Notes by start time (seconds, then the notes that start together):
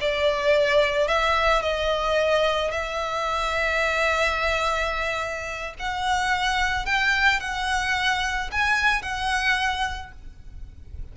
0.00 D5
1.07 E5
1.62 D#5
2.71 E5
5.79 F#5
6.85 G5
7.40 F#5
8.51 G#5
9.02 F#5